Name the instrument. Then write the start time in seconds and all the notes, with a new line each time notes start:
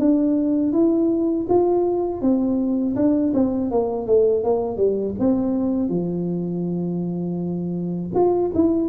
tuba
0.00 D4
0.73 E4
1.49 F4
2.22 C4
2.96 D4
3.34 C4
3.72 A#3
4.07 A3
4.44 A#3
4.78 G3
5.20 C4
5.89 F3
8.15 F4
8.55 E4